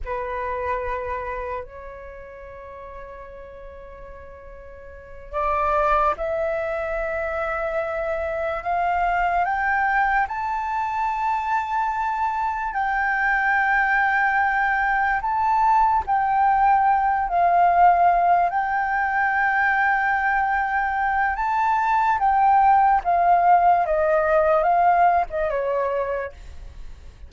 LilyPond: \new Staff \with { instrumentName = "flute" } { \time 4/4 \tempo 4 = 73 b'2 cis''2~ | cis''2~ cis''8 d''4 e''8~ | e''2~ e''8 f''4 g''8~ | g''8 a''2. g''8~ |
g''2~ g''8 a''4 g''8~ | g''4 f''4. g''4.~ | g''2 a''4 g''4 | f''4 dis''4 f''8. dis''16 cis''4 | }